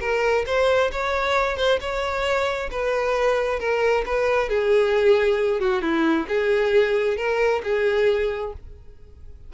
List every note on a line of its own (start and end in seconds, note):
0.00 0.45 A#4
0.46 0.91 C5
0.92 1.57 C#5
1.57 1.79 C5
1.80 2.70 C#5
2.71 3.59 B4
3.59 4.04 A#4
4.06 4.49 B4
4.49 5.60 G#4
5.60 5.82 F#4
5.82 6.26 E4
6.28 7.17 G#4
7.17 7.62 A#4
7.63 8.53 G#4